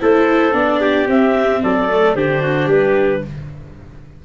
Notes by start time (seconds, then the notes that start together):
0.00 A3 E4 A4 C5
0.52 B3 D4 D5
0.81 G4
1.07 C4 E5
1.63 F#3 A4 D5
1.89 A3
2.15 D3 D4 G4 C5
2.42 F#4
2.67 G3 G4 B4